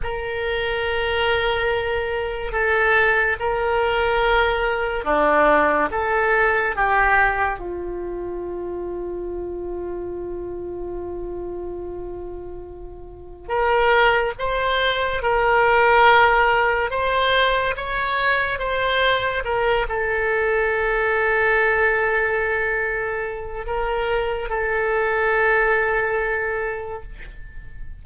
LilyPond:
\new Staff \with { instrumentName = "oboe" } { \time 4/4 \tempo 4 = 71 ais'2. a'4 | ais'2 d'4 a'4 | g'4 f'2.~ | f'1 |
ais'4 c''4 ais'2 | c''4 cis''4 c''4 ais'8 a'8~ | a'1 | ais'4 a'2. | }